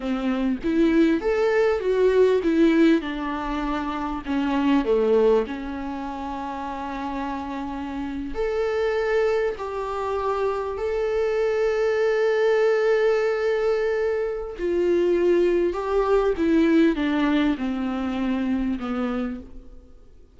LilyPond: \new Staff \with { instrumentName = "viola" } { \time 4/4 \tempo 4 = 99 c'4 e'4 a'4 fis'4 | e'4 d'2 cis'4 | a4 cis'2.~ | cis'4.~ cis'16 a'2 g'16~ |
g'4.~ g'16 a'2~ a'16~ | a'1 | f'2 g'4 e'4 | d'4 c'2 b4 | }